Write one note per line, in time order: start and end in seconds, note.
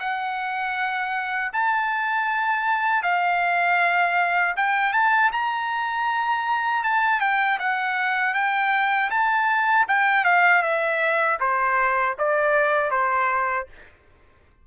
0.00 1.52 F#5
1.53 3.03 A5
3.03 4.55 F5
4.57 4.93 G5
4.93 5.31 A5
5.32 6.84 A#5
6.84 7.21 A5
7.21 7.59 G5
7.59 8.34 F#5
8.34 9.10 G5
9.11 9.87 A5
9.88 10.25 G5
10.25 10.63 F5
10.63 11.39 E5
11.40 12.16 C5
12.19 12.91 D5
12.91 13.67 C5